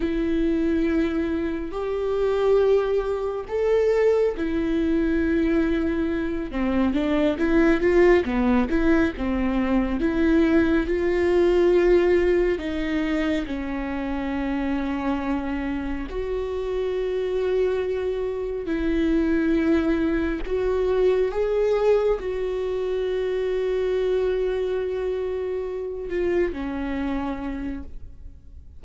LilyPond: \new Staff \with { instrumentName = "viola" } { \time 4/4 \tempo 4 = 69 e'2 g'2 | a'4 e'2~ e'8 c'8 | d'8 e'8 f'8 b8 e'8 c'4 e'8~ | e'8 f'2 dis'4 cis'8~ |
cis'2~ cis'8 fis'4.~ | fis'4. e'2 fis'8~ | fis'8 gis'4 fis'2~ fis'8~ | fis'2 f'8 cis'4. | }